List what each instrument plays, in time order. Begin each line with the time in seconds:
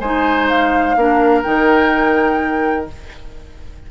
0.00 bassoon G#3, clarinet D#4, oboe C5, flute G#5
0.49 flute F5
0.96 bassoon A#3, clarinet D4, oboe A#4
1.43 bassoon D#3, clarinet D#4, flute G5